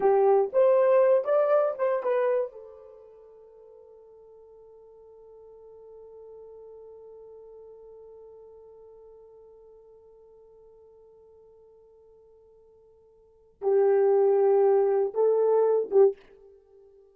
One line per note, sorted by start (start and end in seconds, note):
0.00 0.50 G4
0.52 1.24 C5
1.24 1.75 D5
1.78 2.03 C5
2.03 2.52 B4
2.52 13.61 A4
13.61 15.13 G4
15.14 15.89 A4
15.91 16.16 G4